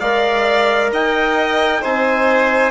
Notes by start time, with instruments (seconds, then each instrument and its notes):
0.00 bassoon G#3, trombone A#4, violin D5, trumpet F5
0.92 bassoon D#4, violin D#5, trumpet G5
1.81 bassoon C4, trombone D#4, violin C5, trumpet G#5